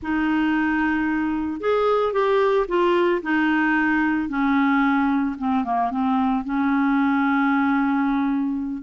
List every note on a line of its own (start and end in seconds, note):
0.02 1.60 D#4
1.60 2.13 G#4
2.13 2.66 G4
2.68 3.21 F4
3.22 4.29 D#4
4.29 5.36 C#4
5.38 5.64 C4
5.64 5.91 A#3
5.91 6.44 C4
6.44 8.82 C#4